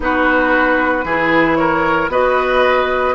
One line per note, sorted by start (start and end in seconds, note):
0.00 1.04 B3
0.00 1.03 D#4
0.00 1.05 F#4
0.00 1.56 B4
1.04 2.08 E3
1.04 2.09 E4
1.04 1.57 G#4
1.56 2.11 A#4
1.56 2.08 C#5
2.08 3.13 B3
2.08 3.15 F#4
2.08 3.15 B4
2.08 3.15 D#5